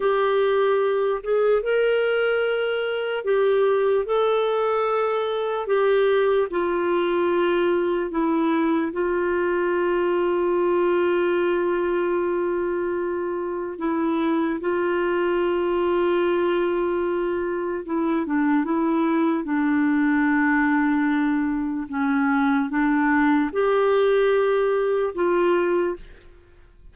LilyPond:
\new Staff \with { instrumentName = "clarinet" } { \time 4/4 \tempo 4 = 74 g'4. gis'8 ais'2 | g'4 a'2 g'4 | f'2 e'4 f'4~ | f'1~ |
f'4 e'4 f'2~ | f'2 e'8 d'8 e'4 | d'2. cis'4 | d'4 g'2 f'4 | }